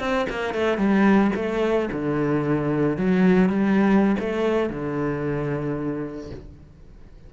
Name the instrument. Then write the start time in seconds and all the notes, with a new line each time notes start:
cello
0.00 C4
0.30 A#3
0.54 A3
0.78 G3
1.36 A3
1.92 D3
2.98 F#3
3.49 G3
4.20 A3
4.70 D3